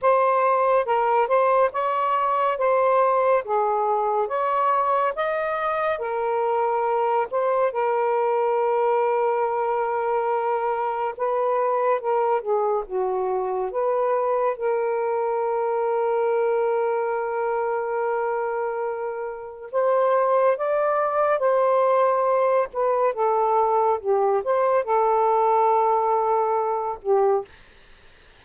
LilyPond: \new Staff \with { instrumentName = "saxophone" } { \time 4/4 \tempo 4 = 70 c''4 ais'8 c''8 cis''4 c''4 | gis'4 cis''4 dis''4 ais'4~ | ais'8 c''8 ais'2.~ | ais'4 b'4 ais'8 gis'8 fis'4 |
b'4 ais'2.~ | ais'2. c''4 | d''4 c''4. b'8 a'4 | g'8 c''8 a'2~ a'8 g'8 | }